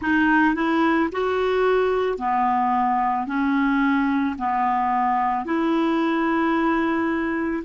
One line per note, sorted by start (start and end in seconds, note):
0.01 0.55 D#4
0.55 1.09 E4
1.12 2.18 F#4
2.18 3.27 B3
3.27 4.36 C#4
4.38 5.45 B3
5.45 7.63 E4